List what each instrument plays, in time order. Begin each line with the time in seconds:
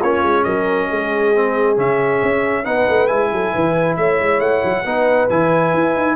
0.00 tuba A#3, trombone C#4, horn F4, trumpet C#5
0.23 tuba G#3
0.44 tuba F#3, horn A#4, trumpet D#5
0.89 tuba G#3, horn G#4
1.35 trombone C4
1.76 tuba C#3, trombone C#4, trumpet E5
2.23 tuba C#4
2.64 tuba B3, trombone D#4, horn B4, trumpet F#5
2.89 tuba A3
3.07 tuba G#3, trombone E4, trumpet G#5
3.32 tuba F#3, horn A4
3.54 tuba E3, horn B4
3.97 tuba A3, horn C#5, trumpet E5
4.20 tuba G#3
4.40 tuba A3, trumpet F#5
4.64 tuba F#3
4.85 tuba B3, trombone D#4, horn B4
5.30 tuba E3, trombone E4, trumpet G#5
5.74 tuba E4
5.95 tuba D#4